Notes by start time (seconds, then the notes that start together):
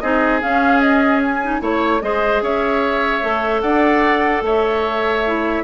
0.00 C4 D#4 G#4 D#5
0.41 C#4 F5
0.81 D#5
1.22 G#5
1.42 D#4
1.60 A3 E4 C#5
2.02 G#3 G#4 C5 D#5
2.42 C#4 C#5 E5
3.22 A3 A4
3.61 D4 D5 F#5
4.42 A3 C#5 E5
5.26 E4